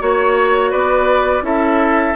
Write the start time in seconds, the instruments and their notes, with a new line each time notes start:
0.00 bassoon A#3, clarinet F#4, oboe C#5, flute C#5
0.71 bassoon B3, oboe B4, flute D5
1.42 bassoon C#4, clarinet E4, oboe A4, flute E5